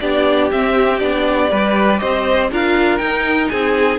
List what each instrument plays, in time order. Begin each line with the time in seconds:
0.00 cello B3, viola D4, violin G4 D5
0.51 viola C4, cello C4, violin E5
0.99 cello B3, viola D4, violin D5
1.51 cello G3, viola G4, violin B4
1.99 cello C4, violin C5 D#5
2.51 cello D4, viola F4, violin A#4 F5
2.98 cello D#4, viola D#4, violin G5
3.49 cello C4, violin G#4 G#5